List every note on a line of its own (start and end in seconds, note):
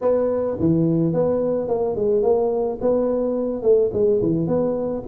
0.01 0.57 B3
0.59 1.13 E3
1.13 1.68 B3
1.68 1.95 A#3
1.95 2.22 G#3
2.22 2.78 A#3
2.81 3.62 B3
3.62 3.90 A3
3.93 4.21 G#3
4.22 4.47 E3
4.47 5.03 B3